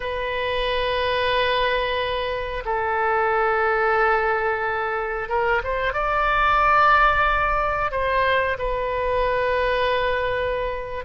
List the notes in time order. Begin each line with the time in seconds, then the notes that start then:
0.00 B4
2.65 A4
5.28 A#4
5.63 C5
5.93 D5
7.91 C5
8.58 B4